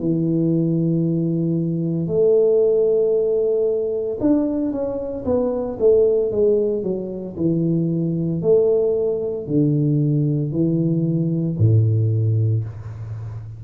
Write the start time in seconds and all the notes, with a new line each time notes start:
0.00 E3
2.08 A3
4.21 D4
4.72 C#4
5.25 B3
5.80 A3
6.32 G#3
6.83 F#3
7.37 E3
8.42 A3
9.47 D3
10.52 E3
11.59 A2